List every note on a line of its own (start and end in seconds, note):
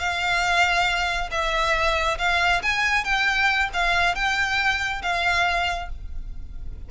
0.00 1.30 F5
1.31 2.18 E5
2.19 2.62 F5
2.63 3.05 G#5
3.05 3.70 G5
3.74 4.15 F5
4.15 5.02 G5
5.02 5.89 F5